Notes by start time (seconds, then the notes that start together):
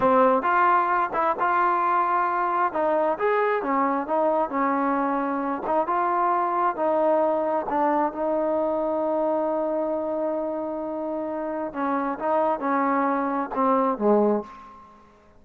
0.00 C4
0.42 F4
1.13 E4
1.39 F4
2.73 D#4
3.18 G#4
3.62 C#4
4.06 D#4
4.49 C#4
5.66 D#4
5.86 F4
6.75 D#4
7.69 D4
8.12 D#4
11.73 C#4
12.18 D#4
12.59 C#4
13.54 C4
13.97 G#3